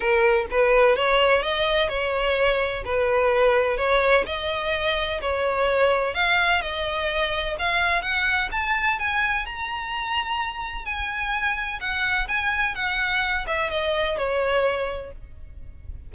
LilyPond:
\new Staff \with { instrumentName = "violin" } { \time 4/4 \tempo 4 = 127 ais'4 b'4 cis''4 dis''4 | cis''2 b'2 | cis''4 dis''2 cis''4~ | cis''4 f''4 dis''2 |
f''4 fis''4 a''4 gis''4 | ais''2. gis''4~ | gis''4 fis''4 gis''4 fis''4~ | fis''8 e''8 dis''4 cis''2 | }